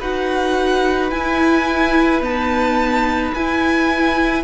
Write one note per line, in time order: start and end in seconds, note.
0.00 1.12 D#4
0.00 1.12 F#4
0.00 4.44 B4
0.00 1.11 F#5
1.11 2.22 E4
1.11 2.22 G#5
2.22 3.33 B3
2.22 3.34 D#4
2.22 3.35 A5
3.35 4.44 E4
3.35 4.44 G#5